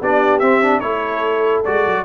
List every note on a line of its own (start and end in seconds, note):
0.00 0.42 B3
0.00 0.42 D4
0.00 0.80 G4
0.00 0.40 D5
0.40 0.83 C4
0.40 0.63 C4
0.40 0.80 E5
0.63 0.82 D4
0.80 1.65 A3
0.80 1.65 E4
0.80 2.03 A4
0.80 1.63 C#5
1.65 1.86 G#3
1.65 2.05 F#4
1.65 2.05 D5
1.86 2.05 F#3